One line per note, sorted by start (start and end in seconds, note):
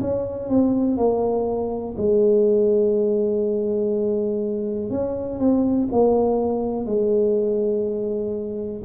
0.00 0.48 C#4
0.48 0.97 C4
0.97 1.95 A#3
1.97 4.90 G#3
4.90 5.39 C#4
5.39 5.88 C4
5.92 6.85 A#3
6.85 8.82 G#3